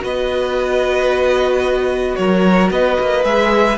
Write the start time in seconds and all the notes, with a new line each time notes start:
0.00 B3 F#4 B4 D#5
2.16 F#3 A#4 C#5
2.71 B3 B4 D#5
3.00 A#3
3.24 G#3 G#4 E5